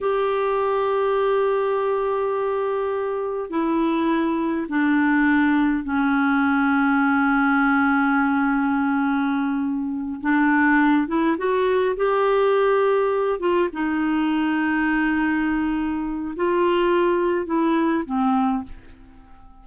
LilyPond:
\new Staff \with { instrumentName = "clarinet" } { \time 4/4 \tempo 4 = 103 g'1~ | g'2 e'2 | d'2 cis'2~ | cis'1~ |
cis'4. d'4. e'8 fis'8~ | fis'8 g'2~ g'8 f'8 dis'8~ | dis'1 | f'2 e'4 c'4 | }